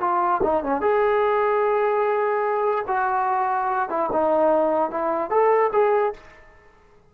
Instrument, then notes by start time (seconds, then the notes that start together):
trombone
0.00 F4
0.43 D#4
0.63 C#4
0.81 G#4
2.87 F#4
3.89 E4
4.12 D#4
4.91 E4
5.30 A4
5.73 G#4